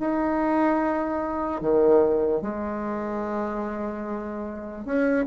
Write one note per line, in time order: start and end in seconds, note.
0.00 1.62 D#4
1.62 2.42 D#3
2.42 4.85 G#3
4.86 5.26 C#4